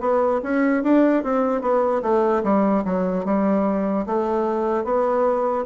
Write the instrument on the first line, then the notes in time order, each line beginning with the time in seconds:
bassoon
0.00 B3
0.43 C#4
0.83 D4
1.23 C4
1.61 B3
2.02 A3
2.43 G3
2.85 F#3
3.25 G3
4.06 A3
4.84 B3